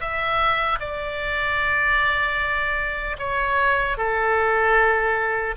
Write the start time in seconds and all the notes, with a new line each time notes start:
0.00 E5
0.79 D5
3.18 C#5
3.97 A4